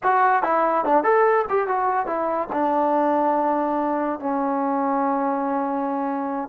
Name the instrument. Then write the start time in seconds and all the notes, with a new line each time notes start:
trombone
0.03 F#4
0.42 E4
0.84 D4
1.03 A4
1.49 G4
1.67 F#4
2.06 E4
2.52 D4
4.19 C#4